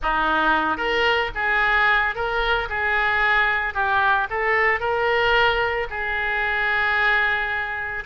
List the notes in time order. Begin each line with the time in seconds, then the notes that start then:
0.02 D#4
0.77 A#4
1.34 G#4
2.15 A#4
2.69 G#4
3.74 G4
4.30 A4
4.79 A#4
5.90 G#4